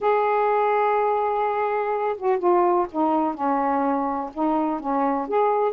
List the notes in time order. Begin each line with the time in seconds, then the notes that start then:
0.00 G#4
2.17 F#4
2.38 F4
2.91 D#4
3.34 C#4
4.33 D#4
4.80 C#4
5.28 G#4